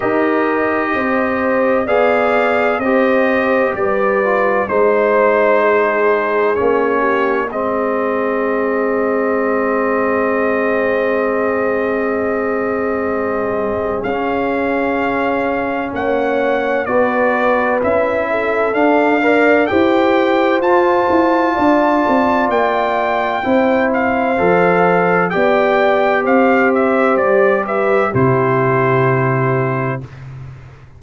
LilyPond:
<<
  \new Staff \with { instrumentName = "trumpet" } { \time 4/4 \tempo 4 = 64 dis''2 f''4 dis''4 | d''4 c''2 cis''4 | dis''1~ | dis''2. f''4~ |
f''4 fis''4 d''4 e''4 | f''4 g''4 a''2 | g''4. f''4. g''4 | f''8 e''8 d''8 e''8 c''2 | }
  \new Staff \with { instrumentName = "horn" } { \time 4/4 ais'4 c''4 d''4 c''4 | b'4 c''4 gis'4. g'8 | gis'1~ | gis'1~ |
gis'4 cis''4 b'4. a'8~ | a'8 d''8 c''2 d''4~ | d''4 c''2 d''4 | c''4. b'8 g'2 | }
  \new Staff \with { instrumentName = "trombone" } { \time 4/4 g'2 gis'4 g'4~ | g'8 f'8 dis'2 cis'4 | c'1~ | c'2. cis'4~ |
cis'2 fis'4 e'4 | d'8 ais'8 g'4 f'2~ | f'4 e'4 a'4 g'4~ | g'2 e'2 | }
  \new Staff \with { instrumentName = "tuba" } { \time 4/4 dis'4 c'4 b4 c'4 | g4 gis2 ais4 | gis1~ | gis2. cis'4~ |
cis'4 ais4 b4 cis'4 | d'4 e'4 f'8 e'8 d'8 c'8 | ais4 c'4 f4 b4 | c'4 g4 c2 | }
>>